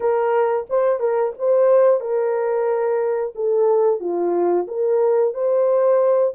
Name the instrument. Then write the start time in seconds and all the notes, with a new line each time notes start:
horn
0.00 A#4
0.69 C5
0.99 A#4
1.38 C5
2.00 A#4
3.35 A4
4.00 F4
4.67 A#4
5.33 C5